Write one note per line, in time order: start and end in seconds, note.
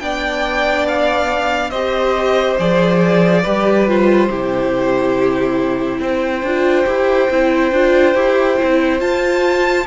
0.00 1.71 B3
0.00 1.72 D4
0.00 1.71 D5
0.00 0.86 G5
0.87 1.70 F5
1.70 2.57 C4
1.70 2.59 G4
1.70 3.42 C5
1.70 2.56 D#5
2.59 3.44 F3
2.59 3.44 G#4
2.59 3.88 D5
3.42 4.29 G3
3.42 3.87 G4
3.42 4.28 B4
3.87 4.30 F4
3.87 6.02 C5
4.29 5.99 C3
4.29 6.45 E4
4.29 6.00 G4
5.99 6.42 C4
5.99 9.86 C5
5.99 9.00 G5
6.42 6.85 D4
6.42 6.86 F4
6.86 7.29 E4
6.86 7.29 G4
7.30 7.72 C4
7.30 7.73 E4
7.72 8.14 D4
7.72 8.15 F4
8.14 8.57 E4
8.14 8.57 G4
8.57 9.01 C4
8.57 8.99 E4
8.99 9.85 F4
8.99 9.86 F4
8.99 9.86 A5